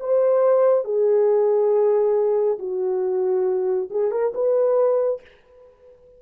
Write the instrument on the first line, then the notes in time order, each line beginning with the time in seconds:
horn
0.00 C5
0.84 G#4
2.58 F#4
3.91 G#4
4.11 A#4
4.34 B4